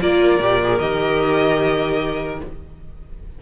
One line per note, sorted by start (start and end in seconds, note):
0.00 0.39 A#3
0.00 0.40 F4
0.00 2.42 A#4
0.00 0.78 D5
0.39 0.79 A#2
0.39 0.61 G4
0.63 0.80 G#4
0.78 2.40 D#3
0.78 2.40 G4
0.78 2.38 D#5